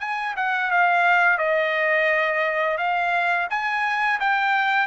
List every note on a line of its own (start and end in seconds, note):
0.00 0.35 G#5
0.36 0.71 F#5
0.71 1.38 F5
1.38 2.77 D#5
2.78 3.47 F5
3.50 4.20 G#5
4.20 4.87 G5